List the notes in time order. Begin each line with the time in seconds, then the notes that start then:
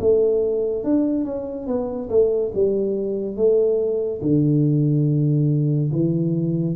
0.00 A3
0.84 D4
1.25 C#4
1.67 B3
2.10 A3
2.54 G3
3.36 A3
4.22 D3
5.92 E3